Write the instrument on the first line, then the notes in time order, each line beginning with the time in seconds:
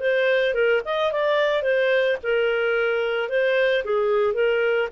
clarinet
0.00 C5
0.54 A#4
0.85 D#5
1.13 D5
1.63 C5
2.23 A#4
3.29 C5
3.85 G#4
4.34 A#4